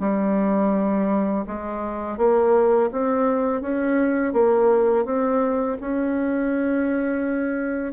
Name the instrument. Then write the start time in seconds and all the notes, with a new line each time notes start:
bassoon
0.00 G3
1.47 G#3
2.18 A#3
2.92 C4
3.61 C#4
4.33 A#3
5.05 C4
5.81 C#4